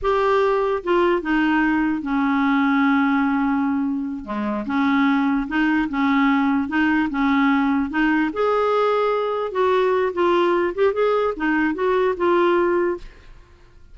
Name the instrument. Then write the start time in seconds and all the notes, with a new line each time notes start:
clarinet
0.01 G4
0.83 F4
1.22 D#4
2.02 C#4
4.24 G#3
4.66 C#4
5.48 D#4
5.89 C#4
6.68 D#4
7.09 C#4
7.90 D#4
8.33 G#4
9.51 F#4
10.13 F4
10.75 G4
10.93 G#4
11.36 D#4
11.74 F#4
12.16 F4